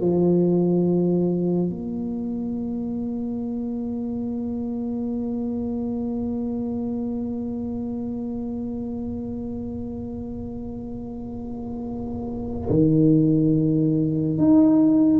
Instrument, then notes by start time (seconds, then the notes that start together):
tuba
0.00 F3
1.69 A#3
12.70 D#3
14.37 D#4